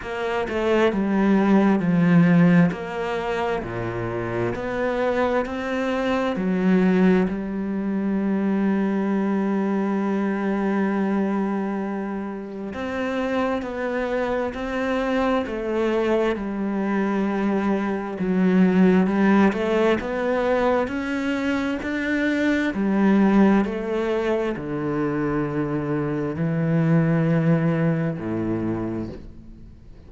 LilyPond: \new Staff \with { instrumentName = "cello" } { \time 4/4 \tempo 4 = 66 ais8 a8 g4 f4 ais4 | ais,4 b4 c'4 fis4 | g1~ | g2 c'4 b4 |
c'4 a4 g2 | fis4 g8 a8 b4 cis'4 | d'4 g4 a4 d4~ | d4 e2 a,4 | }